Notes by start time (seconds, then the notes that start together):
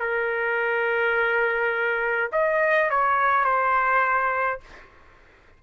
0.00 A#4
2.32 D#5
2.90 C#5
3.45 C5